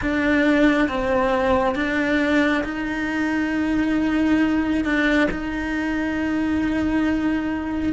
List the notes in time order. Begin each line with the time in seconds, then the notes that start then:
0.01 D4
0.88 C4
1.75 D4
2.64 D#4
4.84 D4
5.30 D#4